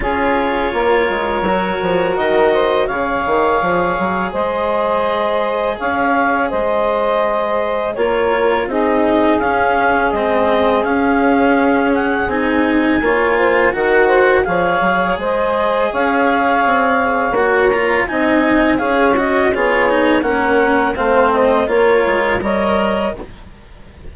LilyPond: <<
  \new Staff \with { instrumentName = "clarinet" } { \time 4/4 \tempo 4 = 83 cis''2. dis''4 | f''2 dis''2 | f''4 dis''2 cis''4 | dis''4 f''4 dis''4 f''4~ |
f''8 fis''8 gis''2 fis''4 | f''4 dis''4 f''2 | fis''8 ais''8 gis''4 f''8 dis''8 cis''4 | fis''4 f''8 dis''8 cis''4 dis''4 | }
  \new Staff \with { instrumentName = "saxophone" } { \time 4/4 gis'4 ais'2~ ais'8 c''8 | cis''2 c''2 | cis''4 c''2 ais'4 | gis'1~ |
gis'2 cis''8 c''8 ais'8 c''8 | cis''4 c''4 cis''2~ | cis''4 dis''4 cis''4 gis'4 | ais'4 c''4 ais'4 cis''4 | }
  \new Staff \with { instrumentName = "cello" } { \time 4/4 f'2 fis'2 | gis'1~ | gis'2. f'4 | dis'4 cis'4 c'4 cis'4~ |
cis'4 dis'4 f'4 fis'4 | gis'1 | fis'8 f'8 dis'4 gis'8 fis'8 f'8 dis'8 | cis'4 c'4 f'4 ais'4 | }
  \new Staff \with { instrumentName = "bassoon" } { \time 4/4 cis'4 ais8 gis8 fis8 f8 dis4 | cis8 dis8 f8 fis8 gis2 | cis'4 gis2 ais4 | c'4 cis'4 gis4 cis'4~ |
cis'4 c'4 ais4 dis4 | f8 fis8 gis4 cis'4 c'4 | ais4 c'4 cis'4 b4 | ais4 a4 ais8 gis8 g4 | }
>>